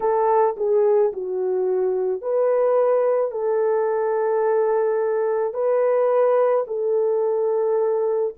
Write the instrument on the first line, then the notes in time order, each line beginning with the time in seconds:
horn
0.00 A4
0.56 G#4
1.12 F#4
2.21 B4
3.31 A4
5.53 B4
6.67 A4